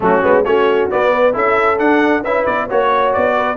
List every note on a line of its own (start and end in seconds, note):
0.00 0.23 F#3
0.00 0.22 A3
0.00 0.44 C#4
0.00 0.44 F#4
0.22 0.45 G#3
0.22 0.44 B3
0.44 0.90 A3
0.44 0.90 C#4
0.44 1.11 F#4
0.44 0.89 C#5
0.90 1.32 B3
0.90 1.35 B3
0.90 1.35 D5
1.11 1.33 B4
1.32 1.79 C#4
1.32 1.77 E4
1.32 2.23 A4
1.32 1.79 E5
1.78 2.23 D4
1.78 2.23 F#5
2.23 2.45 C#4
2.23 2.69 E4
2.23 2.66 B4
2.23 2.45 E5
2.45 2.69 B3
2.45 2.68 D5
2.66 3.15 A#3
2.66 3.56 F#4
2.66 3.33 C#5
2.66 3.13 C#5
3.13 3.56 B3
3.13 3.56 D5
3.36 3.56 B4